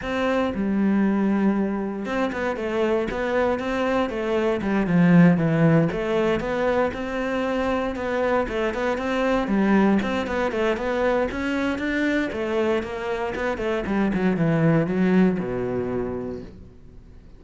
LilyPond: \new Staff \with { instrumentName = "cello" } { \time 4/4 \tempo 4 = 117 c'4 g2. | c'8 b8 a4 b4 c'4 | a4 g8 f4 e4 a8~ | a8 b4 c'2 b8~ |
b8 a8 b8 c'4 g4 c'8 | b8 a8 b4 cis'4 d'4 | a4 ais4 b8 a8 g8 fis8 | e4 fis4 b,2 | }